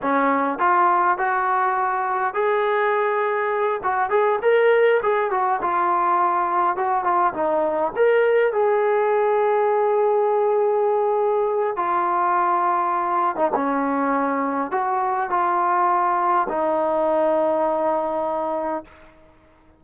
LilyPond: \new Staff \with { instrumentName = "trombone" } { \time 4/4 \tempo 4 = 102 cis'4 f'4 fis'2 | gis'2~ gis'8 fis'8 gis'8 ais'8~ | ais'8 gis'8 fis'8 f'2 fis'8 | f'8 dis'4 ais'4 gis'4.~ |
gis'1 | f'2~ f'8. dis'16 cis'4~ | cis'4 fis'4 f'2 | dis'1 | }